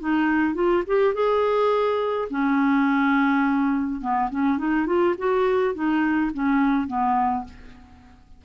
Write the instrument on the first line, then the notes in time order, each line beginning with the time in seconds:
clarinet
0.00 D#4
0.55 F4
0.87 G4
1.14 G#4
2.30 C#4
4.01 B3
4.30 C#4
4.58 D#4
4.86 F4
5.18 F#4
5.75 D#4
6.34 C#4
6.88 B3